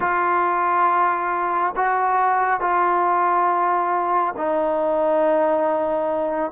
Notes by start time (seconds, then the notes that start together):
0.00 F4
1.76 F#4
2.60 F4
4.36 D#4